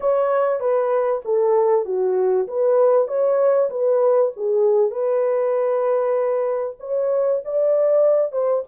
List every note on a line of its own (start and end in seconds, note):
0.00 0.60 C#5
0.60 1.21 B4
1.25 1.85 A4
1.85 2.47 F#4
2.47 3.07 B4
3.07 3.69 C#5
3.69 4.31 B4
4.36 4.91 G#4
4.91 6.76 B4
6.79 7.41 C#5
7.45 8.32 D5
8.32 8.63 C5